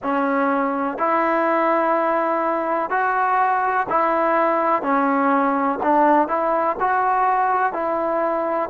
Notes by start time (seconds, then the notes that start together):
0.02 C#4
0.98 E4
2.90 F#4
3.89 E4
4.82 C#4
5.82 D4
6.27 E4
6.80 F#4
7.72 E4